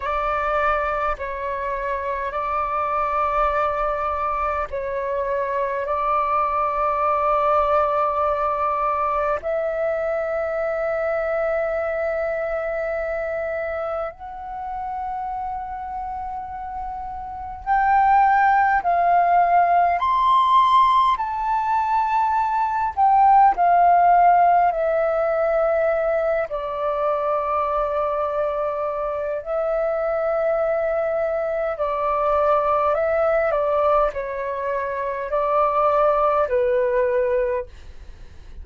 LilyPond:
\new Staff \with { instrumentName = "flute" } { \time 4/4 \tempo 4 = 51 d''4 cis''4 d''2 | cis''4 d''2. | e''1 | fis''2. g''4 |
f''4 c'''4 a''4. g''8 | f''4 e''4. d''4.~ | d''4 e''2 d''4 | e''8 d''8 cis''4 d''4 b'4 | }